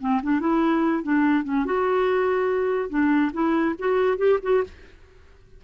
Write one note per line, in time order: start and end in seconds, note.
0.00 0.21 C4
0.23 0.40 D4
0.40 1.03 E4
1.03 1.44 D4
1.44 1.65 C#4
1.65 2.89 F#4
2.89 3.31 D4
3.33 3.75 E4
3.79 4.17 F#4
4.17 4.38 G4
4.42 4.63 F#4